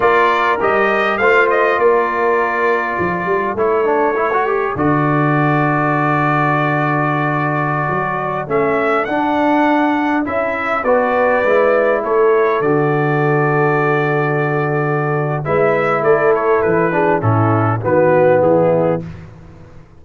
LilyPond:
<<
  \new Staff \with { instrumentName = "trumpet" } { \time 4/4 \tempo 4 = 101 d''4 dis''4 f''8 dis''8 d''4~ | d''2 cis''2 | d''1~ | d''2~ d''16 e''4 fis''8.~ |
fis''4~ fis''16 e''4 d''4.~ d''16~ | d''16 cis''4 d''2~ d''8.~ | d''2 e''4 d''8 cis''8 | b'4 a'4 b'4 gis'4 | }
  \new Staff \with { instrumentName = "horn" } { \time 4/4 ais'2 c''4 ais'4~ | ais'4 a'2.~ | a'1~ | a'1~ |
a'2~ a'16 b'4.~ b'16~ | b'16 a'2.~ a'8.~ | a'2 b'4 a'4~ | a'8 gis'8 e'4 fis'4 e'4 | }
  \new Staff \with { instrumentName = "trombone" } { \time 4/4 f'4 g'4 f'2~ | f'2 e'8 d'8 e'16 fis'16 g'8 | fis'1~ | fis'2~ fis'16 cis'4 d'8.~ |
d'4~ d'16 e'4 fis'4 e'8.~ | e'4~ e'16 fis'2~ fis'8.~ | fis'2 e'2~ | e'8 d'8 cis'4 b2 | }
  \new Staff \with { instrumentName = "tuba" } { \time 4/4 ais4 g4 a4 ais4~ | ais4 f8 g8 a2 | d1~ | d4~ d16 fis4 a4 d'8.~ |
d'4~ d'16 cis'4 b4 gis8.~ | gis16 a4 d2~ d8.~ | d2 gis4 a4 | e4 a,4 dis4 e4 | }
>>